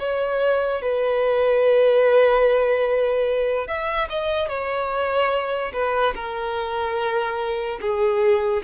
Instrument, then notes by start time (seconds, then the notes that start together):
violin
0.00 C#5
0.82 B4
3.68 E5
4.10 D#5
4.49 C#5
5.73 B4
6.15 A#4
7.81 G#4